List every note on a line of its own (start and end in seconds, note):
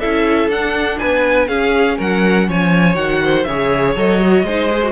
0.00 0.48 C#4
0.00 0.52 E4
0.00 0.98 A4
0.00 0.50 E5
0.48 0.97 D4
0.48 0.99 F#5
0.55 1.50 D4
0.99 1.49 B3
0.99 1.49 B4
0.99 1.48 G#5
1.48 1.98 C#4
1.48 2.96 C#4
1.48 1.98 G#4
1.48 1.97 F5
1.98 2.49 F#3
1.98 2.47 A#4
1.98 2.50 F#5
2.49 2.96 F3
2.49 3.22 C#5
2.49 2.96 G#5
2.96 3.45 D#3
2.96 3.45 F#4
2.96 3.44 F#5
3.24 3.48 C5
3.44 3.96 C#3
3.44 3.98 G#4
3.44 4.45 C#5
3.44 3.93 E5
3.96 4.43 F#3
3.96 4.20 A4
3.96 4.92 D#5
4.20 4.45 F#4
4.43 4.92 G#3
4.43 4.70 D#4
4.43 4.92 C5
4.70 4.82 G#4
4.84 4.92 F#4